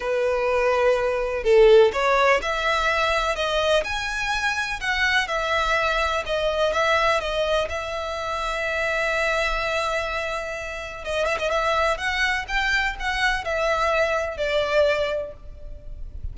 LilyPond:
\new Staff \with { instrumentName = "violin" } { \time 4/4 \tempo 4 = 125 b'2. a'4 | cis''4 e''2 dis''4 | gis''2 fis''4 e''4~ | e''4 dis''4 e''4 dis''4 |
e''1~ | e''2. dis''8 e''16 dis''16 | e''4 fis''4 g''4 fis''4 | e''2 d''2 | }